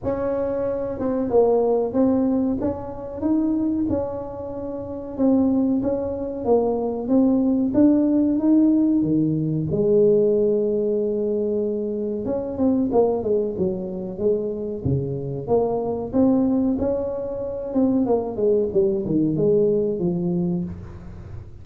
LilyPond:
\new Staff \with { instrumentName = "tuba" } { \time 4/4 \tempo 4 = 93 cis'4. c'8 ais4 c'4 | cis'4 dis'4 cis'2 | c'4 cis'4 ais4 c'4 | d'4 dis'4 dis4 gis4~ |
gis2. cis'8 c'8 | ais8 gis8 fis4 gis4 cis4 | ais4 c'4 cis'4. c'8 | ais8 gis8 g8 dis8 gis4 f4 | }